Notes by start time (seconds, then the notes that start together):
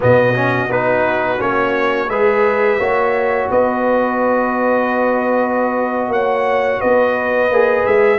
0.00 B2 B3 F#4 D#5
0.34 C#4
0.69 B3 D#4 B4
1.38 A#3 C#4 C#5
2.09 G#3 G#4 B4 E5
2.79 A#3 F#4 C#5
3.50 B3 B4 D#5
6.08 A#3 C#5 F#5
6.79 B3 B4 D#5
7.50 A#3 G#4
7.85 G#3 E5